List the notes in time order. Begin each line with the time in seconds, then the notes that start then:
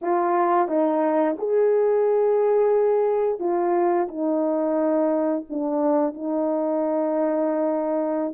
0.01 F4
0.68 D#4
1.38 G#4
3.39 F4
4.08 D#4
5.49 D4
6.14 D#4